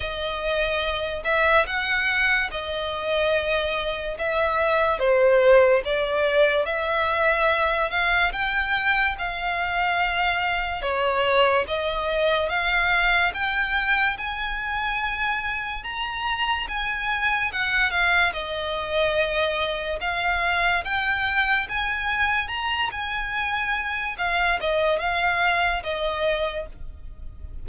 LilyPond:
\new Staff \with { instrumentName = "violin" } { \time 4/4 \tempo 4 = 72 dis''4. e''8 fis''4 dis''4~ | dis''4 e''4 c''4 d''4 | e''4. f''8 g''4 f''4~ | f''4 cis''4 dis''4 f''4 |
g''4 gis''2 ais''4 | gis''4 fis''8 f''8 dis''2 | f''4 g''4 gis''4 ais''8 gis''8~ | gis''4 f''8 dis''8 f''4 dis''4 | }